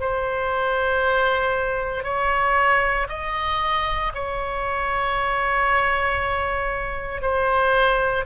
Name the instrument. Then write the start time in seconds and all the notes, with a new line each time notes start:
oboe
0.00 C5
2.04 C#5
3.09 D#5
4.15 C#5
7.22 C5